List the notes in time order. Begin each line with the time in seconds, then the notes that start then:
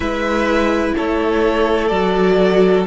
0.00 G#3 E4 B4 E5
0.96 A3 A4 C#5
1.87 F#3 F#4 D5